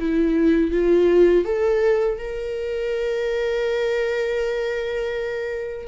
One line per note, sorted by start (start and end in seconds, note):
0.00 0.72 E4
0.72 1.45 F4
1.45 2.19 A4
2.19 5.88 A#4